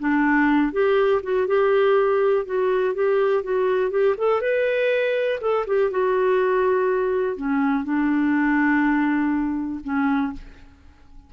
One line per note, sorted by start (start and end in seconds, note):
0.00 0.72 D4
0.72 1.22 G4
1.23 1.47 F#4
1.47 2.46 G4
2.46 2.95 F#4
2.95 3.43 G4
3.43 3.91 F#4
3.91 4.15 G4
4.18 4.41 A4
4.41 5.40 B4
5.41 5.66 A4
5.67 5.91 G4
5.91 7.37 F#4
7.37 7.84 C#4
7.84 9.81 D4
9.84 10.33 C#4